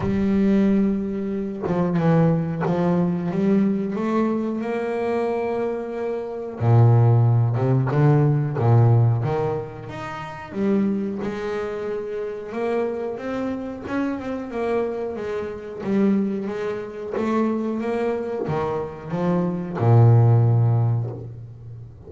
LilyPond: \new Staff \with { instrumentName = "double bass" } { \time 4/4 \tempo 4 = 91 g2~ g8 f8 e4 | f4 g4 a4 ais4~ | ais2 ais,4. c8 | d4 ais,4 dis4 dis'4 |
g4 gis2 ais4 | c'4 cis'8 c'8 ais4 gis4 | g4 gis4 a4 ais4 | dis4 f4 ais,2 | }